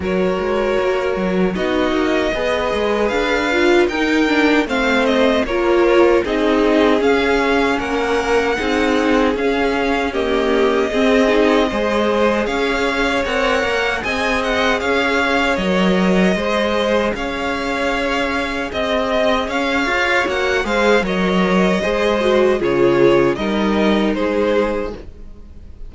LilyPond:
<<
  \new Staff \with { instrumentName = "violin" } { \time 4/4 \tempo 4 = 77 cis''2 dis''2 | f''4 g''4 f''8 dis''8 cis''4 | dis''4 f''4 fis''2 | f''4 dis''2. |
f''4 fis''4 gis''8 fis''8 f''4 | dis''2 f''2 | dis''4 f''4 fis''8 f''8 dis''4~ | dis''4 cis''4 dis''4 c''4 | }
  \new Staff \with { instrumentName = "violin" } { \time 4/4 ais'2 fis'4 b'4~ | b'4 ais'4 c''4 ais'4 | gis'2 ais'4 gis'4~ | gis'4 g'4 gis'4 c''4 |
cis''2 dis''4 cis''4~ | cis''4 c''4 cis''2 | dis''4 cis''4. c''8 cis''4 | c''4 gis'4 ais'4 gis'4 | }
  \new Staff \with { instrumentName = "viola" } { \time 4/4 fis'2 dis'4 gis'4~ | gis'8 f'8 dis'8 d'8 c'4 f'4 | dis'4 cis'2 dis'4 | cis'4 ais4 c'8 dis'8 gis'4~ |
gis'4 ais'4 gis'2 | ais'4 gis'2.~ | gis'2 fis'8 gis'8 ais'4 | gis'8 fis'8 f'4 dis'2 | }
  \new Staff \with { instrumentName = "cello" } { \time 4/4 fis8 gis8 ais8 fis8 b8 ais8 b8 gis8 | d'4 dis'4 a4 ais4 | c'4 cis'4 ais4 c'4 | cis'2 c'4 gis4 |
cis'4 c'8 ais8 c'4 cis'4 | fis4 gis4 cis'2 | c'4 cis'8 f'8 ais8 gis8 fis4 | gis4 cis4 g4 gis4 | }
>>